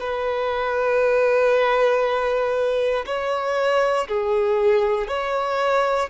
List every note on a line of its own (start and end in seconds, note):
0.00 3.05 B4
3.06 4.07 C#5
4.08 5.08 G#4
5.08 6.09 C#5